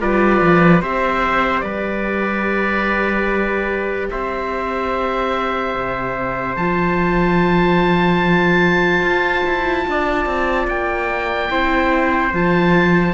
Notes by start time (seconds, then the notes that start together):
0.00 G3 F4 B4 D5
0.41 F3
0.81 C4 G4 C5 E5
1.61 G3 B4 D5
4.10 C4 C5 E5
5.75 C3
6.56 F3 F4 A5
9.02 F4
9.46 E4
9.87 D4 D5
10.26 C4
10.67 A#3 G5
11.50 C4 E4 C5
12.33 F3 F4 A5